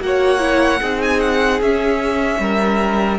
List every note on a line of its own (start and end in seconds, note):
0.00 0.80 A#3
0.00 0.39 F#4
0.00 0.80 C#5
0.00 1.02 F#5
0.39 0.79 E4
0.80 1.60 C4
0.80 1.62 D#4
0.80 2.40 G#4
1.02 1.20 G#5
1.20 1.60 F#5
1.60 2.39 C#4
1.60 3.19 C#4
1.60 3.19 E5
2.39 3.19 G3
2.39 3.19 A#4